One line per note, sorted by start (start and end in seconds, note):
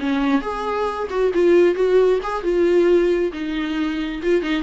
0.00 0.42 C#4
0.42 1.08 G#4
1.10 1.32 F#4
1.34 1.75 F4
1.75 2.20 F#4
2.23 2.43 G#4
2.43 3.32 F4
3.33 4.22 D#4
4.23 4.42 F4
4.42 4.64 D#4